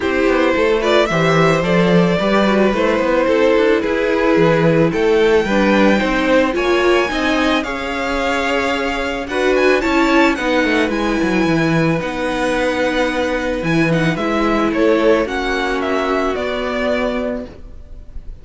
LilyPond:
<<
  \new Staff \with { instrumentName = "violin" } { \time 4/4 \tempo 4 = 110 c''4. d''8 e''4 d''4~ | d''4 c''2 b'4~ | b'4 g''2. | gis''2 f''2~ |
f''4 fis''8 gis''8 a''4 fis''4 | gis''2 fis''2~ | fis''4 gis''8 fis''8 e''4 cis''4 | fis''4 e''4 d''2 | }
  \new Staff \with { instrumentName = "violin" } { \time 4/4 g'4 a'8 b'8 c''2 | b'2 a'4 gis'4~ | gis'4 a'4 b'4 c''4 | cis''4 dis''4 cis''2~ |
cis''4 b'4 cis''4 b'4~ | b'1~ | b'2. a'4 | fis'1 | }
  \new Staff \with { instrumentName = "viola" } { \time 4/4 e'4. f'8 g'4 a'4 | g'8 fis'8 e'2.~ | e'2 d'4 dis'4 | f'4 dis'4 gis'2~ |
gis'4 fis'4 e'4 dis'4 | e'2 dis'2~ | dis'4 e'8 dis'8 e'2 | cis'2 b2 | }
  \new Staff \with { instrumentName = "cello" } { \time 4/4 c'8 b8 a4 e4 f4 | g4 a8 b8 c'8 d'8 e'4 | e4 a4 g4 c'4 | ais4 c'4 cis'2~ |
cis'4 d'4 cis'4 b8 a8 | gis8 fis8 e4 b2~ | b4 e4 gis4 a4 | ais2 b2 | }
>>